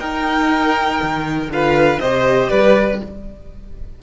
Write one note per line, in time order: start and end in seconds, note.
0.00 1.00 D#4
0.00 1.51 D#4
0.00 1.50 A#4
0.00 1.50 G5
1.02 1.49 D#3
1.49 1.99 D3
1.49 2.01 F4
1.49 2.01 B4
1.49 2.00 F5
2.00 2.51 C3
2.00 3.03 G4
2.00 2.50 C5
2.00 2.50 D#5
2.50 3.01 G3
2.50 3.00 B4
2.50 3.00 D5